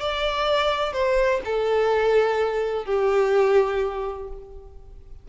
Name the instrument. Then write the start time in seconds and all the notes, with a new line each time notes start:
violin
0.00 D5
0.93 C5
1.45 A4
2.85 G4